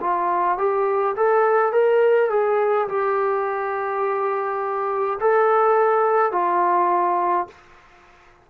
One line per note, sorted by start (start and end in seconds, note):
0.00 0.58 F4
0.58 1.15 G4
1.16 1.72 A4
1.72 2.30 A#4
2.30 2.87 G#4
2.88 5.19 G4
5.20 6.31 A4
6.31 7.47 F4